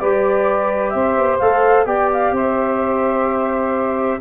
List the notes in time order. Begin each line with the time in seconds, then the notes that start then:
0.00 G3 G4 B4 D5
0.91 C4 C5 E5
1.18 B3
1.39 A3 A4 F5
1.86 B3 G4 D5 G5
2.13 F5
2.32 C4 C5 E5